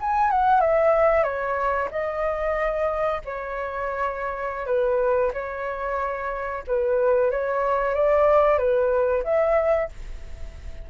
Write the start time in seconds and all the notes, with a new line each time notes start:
0.00 G#5
0.31 F#5
0.60 E5
1.23 C#5
1.91 D#5
3.25 C#5
4.66 B4
5.33 C#5
6.67 B4
7.31 C#5
7.94 D5
8.58 B4
9.24 E5